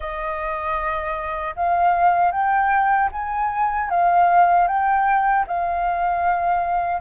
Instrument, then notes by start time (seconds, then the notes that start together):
flute
0.00 D#5
1.55 F5
2.31 G5
3.12 G#5
3.90 F5
4.68 G5
5.47 F5